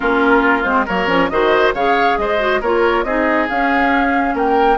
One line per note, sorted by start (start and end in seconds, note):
0.00 0.64 A#3
0.00 0.63 C#4
0.00 0.85 F4
0.00 0.63 A#4
0.63 0.86 G#3
0.63 0.86 C4
0.63 0.85 C5
0.85 1.07 F#3
0.85 1.07 A#3
0.85 1.29 A#4
0.85 1.29 C#5
1.07 1.29 F3
1.07 1.29 C#4
1.29 1.73 D#3
1.29 1.74 F#4
1.29 1.74 C5
1.29 1.73 D#5
1.73 2.17 C#3
1.73 2.38 G#4
1.73 2.17 C#5
1.73 2.18 F5
2.18 2.61 G#3
2.18 2.61 C5
2.18 2.61 D#5
2.38 2.60 F#4
2.61 3.04 A#3
2.61 3.06 F4
2.61 3.04 A#4
2.61 3.03 C#5
3.03 3.47 C4
3.03 3.48 D#4
3.03 4.34 G#4
3.03 3.47 D#5
3.48 4.78 C#4
3.48 4.34 C#4
3.48 4.36 F5
4.34 4.77 A#3
4.34 4.78 A#4
4.34 4.78 G5